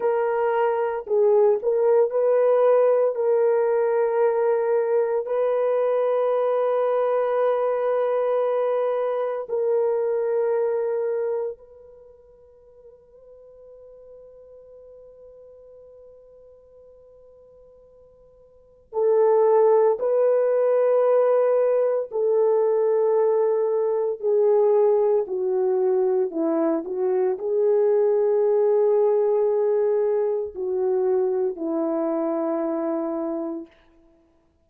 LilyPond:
\new Staff \with { instrumentName = "horn" } { \time 4/4 \tempo 4 = 57 ais'4 gis'8 ais'8 b'4 ais'4~ | ais'4 b'2.~ | b'4 ais'2 b'4~ | b'1~ |
b'2 a'4 b'4~ | b'4 a'2 gis'4 | fis'4 e'8 fis'8 gis'2~ | gis'4 fis'4 e'2 | }